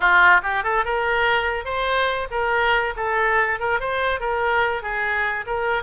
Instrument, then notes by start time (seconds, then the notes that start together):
oboe
0.00 F4
0.43 G4
0.63 A4
0.84 A#4
1.65 C5
2.31 A#4
2.96 A4
3.59 A#4
3.80 C5
4.20 A#4
4.82 G#4
5.46 A#4